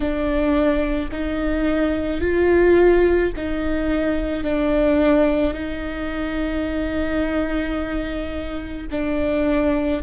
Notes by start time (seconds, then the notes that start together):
0.00 D4
1.11 D#4
2.20 F4
3.36 D#4
4.43 D4
5.53 D#4
8.91 D4